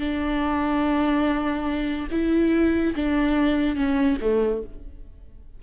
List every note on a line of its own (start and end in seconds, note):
0.00 2.08 D4
2.12 2.95 E4
2.96 3.76 D4
3.76 4.18 C#4
4.21 4.63 A3